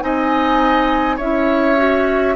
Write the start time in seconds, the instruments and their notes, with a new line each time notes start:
0.00 bassoon C4, clarinet D#4, oboe D#5, flute G#5
1.16 bassoon C#4, clarinet E4, oboe C#5, flute E5
1.76 clarinet F#4